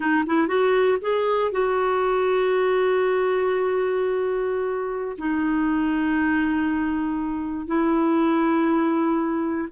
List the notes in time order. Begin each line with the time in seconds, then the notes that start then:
0.00 D#4
0.26 E4
0.47 F#4
1.01 G#4
1.51 F#4
5.17 D#4
7.66 E4